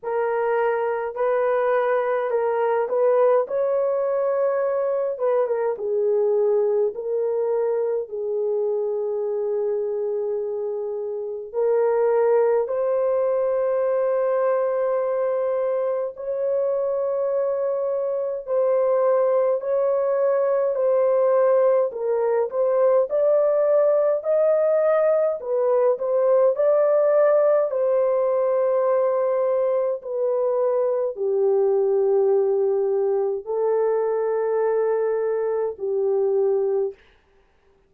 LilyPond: \new Staff \with { instrumentName = "horn" } { \time 4/4 \tempo 4 = 52 ais'4 b'4 ais'8 b'8 cis''4~ | cis''8 b'16 ais'16 gis'4 ais'4 gis'4~ | gis'2 ais'4 c''4~ | c''2 cis''2 |
c''4 cis''4 c''4 ais'8 c''8 | d''4 dis''4 b'8 c''8 d''4 | c''2 b'4 g'4~ | g'4 a'2 g'4 | }